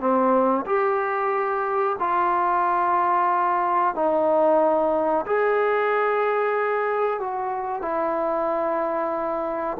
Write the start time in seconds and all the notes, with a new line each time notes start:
0.00 C4
0.66 G4
2.00 F4
3.95 D#4
5.26 G#4
7.20 F#4
7.82 E4